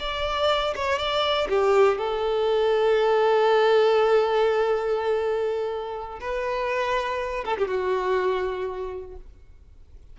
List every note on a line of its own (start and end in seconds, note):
0.00 0.74 D5
0.76 0.99 C#5
0.99 1.49 D5
1.49 1.99 G4
1.99 6.20 A4
6.21 7.45 B4
7.45 7.58 A4
7.58 7.68 G4
7.68 9.17 F#4